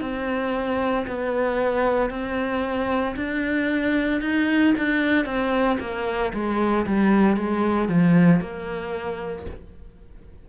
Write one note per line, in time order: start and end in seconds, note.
0.00 1.05 C4
1.07 2.10 B3
2.10 3.15 C4
3.16 4.21 D4
4.21 4.73 D#4
4.77 5.25 D4
5.25 5.78 C4
5.79 6.32 A#3
6.33 6.86 G#3
6.86 7.36 G3
7.36 7.88 G#3
7.88 8.40 F3
8.40 9.45 A#3